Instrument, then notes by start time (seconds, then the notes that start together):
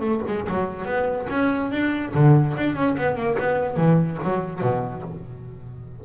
double bass
0.00 A3
0.27 G#3
0.48 F#3
0.85 B3
1.29 C#4
1.71 D4
2.14 D3
2.57 D4
2.75 C#4
2.97 B3
3.15 A#3
3.39 B3
3.76 E3
4.23 F#3
4.61 B2